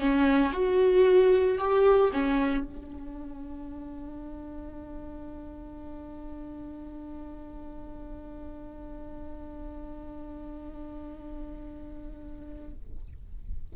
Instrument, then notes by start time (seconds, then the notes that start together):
viola
0.00 C#4
0.53 F#4
1.58 G4
2.13 C#4
2.64 D4